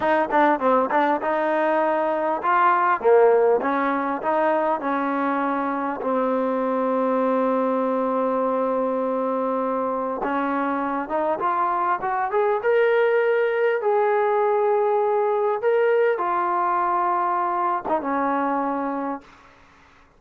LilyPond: \new Staff \with { instrumentName = "trombone" } { \time 4/4 \tempo 4 = 100 dis'8 d'8 c'8 d'8 dis'2 | f'4 ais4 cis'4 dis'4 | cis'2 c'2~ | c'1~ |
c'4 cis'4. dis'8 f'4 | fis'8 gis'8 ais'2 gis'4~ | gis'2 ais'4 f'4~ | f'4.~ f'16 dis'16 cis'2 | }